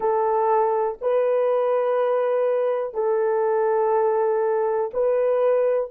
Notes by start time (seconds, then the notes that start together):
0.00 A4
1.01 B4
2.94 A4
4.93 B4